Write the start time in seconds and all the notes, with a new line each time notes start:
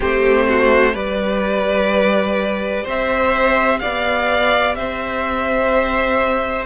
0.00 A3 C4 G4 C5
0.48 F#4
0.93 G3 G4 B4 D5
2.83 C4 C5 E5
3.79 B3 D5 F5
4.74 C4 C5 E5